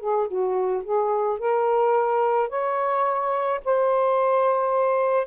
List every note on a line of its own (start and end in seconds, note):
0.00 0.28 G#4
0.28 0.83 F#4
0.84 1.39 G#4
1.39 2.49 A#4
2.49 3.60 C#5
3.65 5.27 C5